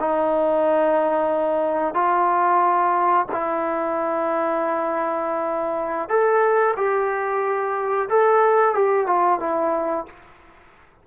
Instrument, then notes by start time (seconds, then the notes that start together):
trombone
0.00 D#4
1.95 F4
3.32 E4
6.09 A4
6.77 G4
8.09 A4
8.75 G4
9.07 F4
9.40 E4